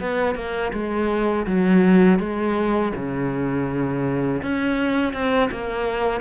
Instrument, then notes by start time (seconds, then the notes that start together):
cello
0.00 B3
0.36 A#3
0.73 G#3
1.47 F#3
2.19 G#3
2.96 C#3
4.43 C#4
5.13 C4
5.51 A#3